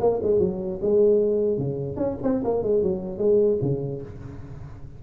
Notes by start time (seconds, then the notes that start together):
0.00 A#3
0.22 G#3
0.39 F#3
0.81 G#3
1.57 C#3
1.96 C#4
2.23 C4
2.44 A#3
2.62 G#3
2.82 F#3
3.18 G#3
3.61 C#3